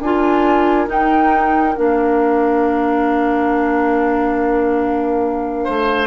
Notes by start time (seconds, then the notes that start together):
0.00 D4 F4 A#4 G#5
0.87 D#4 G5
1.76 A#3 D4 F5
5.64 A3 C5